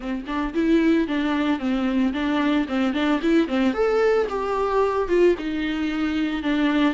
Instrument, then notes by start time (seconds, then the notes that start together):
viola
0.00 C4
0.26 D4
0.54 E4
1.07 D4
1.59 C4
2.13 D4
2.68 C4
2.93 D4
3.22 E4
3.48 C4
3.73 A4
4.29 G4
5.08 F4
5.38 D#4
6.42 D4